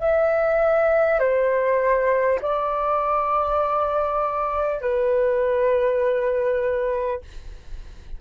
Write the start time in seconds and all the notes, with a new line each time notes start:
0.00 E5
1.19 C5
2.42 D5
4.82 B4